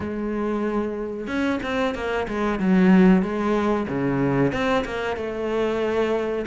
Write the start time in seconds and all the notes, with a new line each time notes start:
0.00 G#3
1.27 C#4
1.62 C4
1.94 A#3
2.28 G#3
2.59 F#3
3.22 G#3
3.88 C#3
4.52 C4
4.84 A#3
5.16 A3